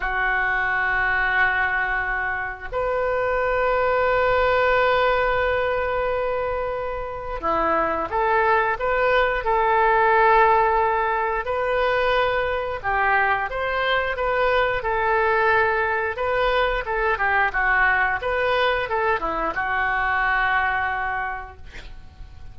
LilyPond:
\new Staff \with { instrumentName = "oboe" } { \time 4/4 \tempo 4 = 89 fis'1 | b'1~ | b'2. e'4 | a'4 b'4 a'2~ |
a'4 b'2 g'4 | c''4 b'4 a'2 | b'4 a'8 g'8 fis'4 b'4 | a'8 e'8 fis'2. | }